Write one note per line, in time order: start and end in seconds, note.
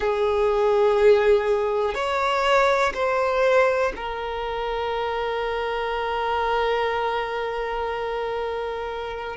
0.00 1.94 G#4
1.94 2.92 C#5
2.94 3.92 C5
3.96 9.36 A#4